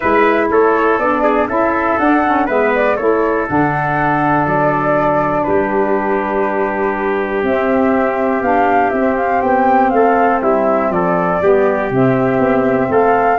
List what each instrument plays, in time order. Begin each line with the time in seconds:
0.00 tuba G#3, saxophone E4, trumpet B4, flute E5
0.50 tuba A3, trumpet A4, flute C#5
0.98 tuba B3, saxophone D4, flute D5
1.23 trumpet G#4
1.48 tuba C#4, saxophone E4, trumpet A4, flute E5
1.98 tuba D4, saxophone D4, flute F#5
2.25 saxophone C#4
2.46 tuba G#3, saxophone B3, trumpet B4, flute E5
2.74 flute D5
2.96 tuba A3, saxophone E4, trumpet A4, flute C#5
3.47 tuba D3, saxophone D4, flute F#5
4.46 tuba F#3, flute D5
5.43 tuba G3, trumpet G4, flute B4
7.43 tuba C4, saxophone C4, flute E5
8.41 tuba B3, saxophone D4, flute F5
8.90 tuba C4, saxophone C4, flute E5
9.16 flute F5
9.41 tuba B3, flute G5
9.90 tuba A3, trumpet A4, flute F5
10.41 tuba G3, trumpet E4, flute E5
10.89 tuba F3, trumpet A4, flute D5
11.42 tuba G3, saxophone B3, trumpet G4
11.90 tuba C3, saxophone C4, flute E5
12.38 tuba B3
12.90 tuba A3, trumpet A4, flute F5